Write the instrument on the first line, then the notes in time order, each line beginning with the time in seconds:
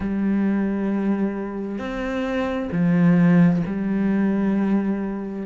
cello
0.00 G3
1.78 C4
2.71 F3
3.66 G3